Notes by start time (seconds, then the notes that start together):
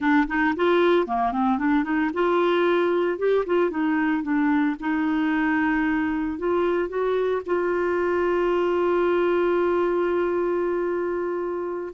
0.00 D4
0.27 D#4
0.56 F4
1.06 A#3
1.32 C4
1.58 D4
1.84 D#4
2.13 F4
3.18 G4
3.46 F4
3.70 D#4
4.23 D4
4.79 D#4
6.38 F4
6.88 F#4
7.46 F4